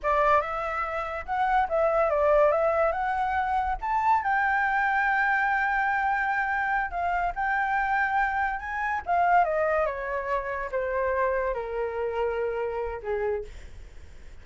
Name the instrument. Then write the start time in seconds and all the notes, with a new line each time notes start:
flute
0.02 D5
0.41 E5
1.25 F#5
1.68 E5
2.10 D5
2.51 E5
2.92 F#5
3.81 A5
4.23 G5
6.90 F5
7.35 G5
8.59 G#5
9.05 F5
9.44 D#5
9.86 C#5
10.71 C5
11.54 A#4
13.02 G#4